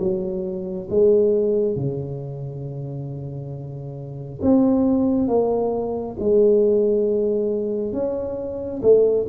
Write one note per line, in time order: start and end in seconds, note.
0.00 0.88 F#3
0.90 1.76 G#3
1.76 4.41 C#3
4.42 5.28 C4
5.28 6.16 A#3
6.20 7.93 G#3
7.93 8.81 C#4
8.82 9.26 A3